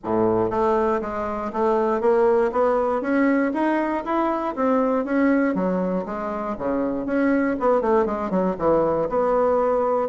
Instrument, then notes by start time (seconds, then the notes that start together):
bassoon
0.04 A2
0.50 A3
1.01 G#3
1.52 A3
2.01 A#3
2.52 B3
3.01 C#4
3.53 D#4
4.05 E4
4.55 C4
5.04 C#4
5.54 F#3
6.05 G#3
6.58 C#3
7.06 C#4
7.59 B3
7.81 A3
8.05 G#3
8.30 F#3
8.58 E3
9.09 B3